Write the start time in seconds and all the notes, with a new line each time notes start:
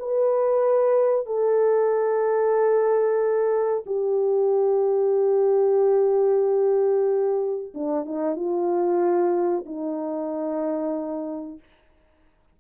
0.00 B4
1.26 A4
3.87 G4
7.75 D4
8.06 D#4
8.36 F4
9.67 D#4